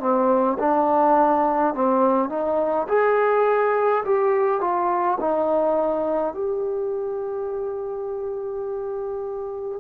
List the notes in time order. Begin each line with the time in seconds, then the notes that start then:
0.00 C4
0.59 D4
1.74 C4
2.29 D#4
2.88 G#4
4.05 G4
4.61 F4
5.20 D#4
6.34 G4